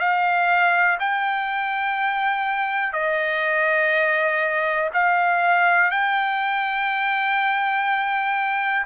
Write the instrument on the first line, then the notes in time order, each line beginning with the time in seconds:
trumpet
0.00 F5
1.00 G5
2.93 D#5
4.94 F5
5.91 G5